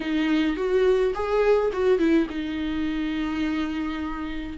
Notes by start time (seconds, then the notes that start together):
0.00 D#4
0.56 F#4
1.14 G#4
1.72 F#4
1.98 E4
2.29 D#4